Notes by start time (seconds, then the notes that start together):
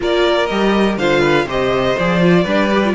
0.00 A#3 F4 A#4 D5
0.46 G3 G4 D#5
0.97 D3 F4 C5 F5
1.20 B4
1.45 C3 G4 C5 D#5
1.98 F3 G#4 D5
2.20 F4
2.43 G3 D4 B4
2.71 G4
2.84 F4